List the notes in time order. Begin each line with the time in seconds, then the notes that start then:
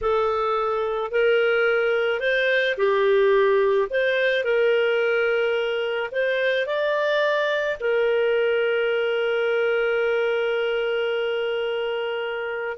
0.01 A4
1.11 A#4
2.20 C5
2.77 G4
3.90 C5
4.43 A#4
6.11 C5
6.66 D5
7.80 A#4